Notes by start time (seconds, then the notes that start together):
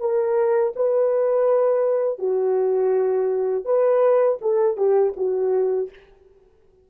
0.00 A#4
0.76 B4
2.19 F#4
3.65 B4
4.42 A4
4.77 G4
5.17 F#4